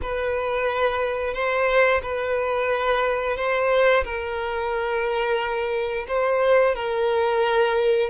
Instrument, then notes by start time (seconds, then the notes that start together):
violin
0.02 B4
1.34 C5
2.02 B4
3.36 C5
4.04 A#4
6.08 C5
6.75 A#4